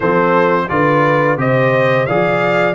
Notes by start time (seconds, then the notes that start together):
0.00 F3 C4 A4 C5
0.68 D3 F4 B4 D5
1.37 C3 G4 C5 D#5
2.05 F3 G#4 D5 F5